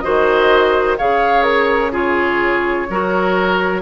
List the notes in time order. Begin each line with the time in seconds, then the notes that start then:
0.00 D#3 F#4 C5 D#5
0.98 C#3 G#4 C#5 F5
1.43 A#4
1.92 F4 G#4 C#5
2.89 F#3 F#4 A#4